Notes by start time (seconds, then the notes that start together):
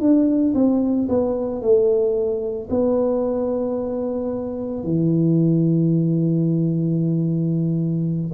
0.00 D4
0.54 C4
1.09 B3
1.61 A3
2.70 B3
4.84 E3